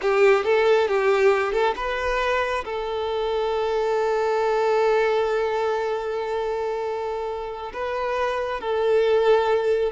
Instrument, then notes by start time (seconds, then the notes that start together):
violin
0.01 G4
0.44 A4
0.88 G4
1.52 A4
1.76 B4
2.65 A4
7.73 B4
8.60 A4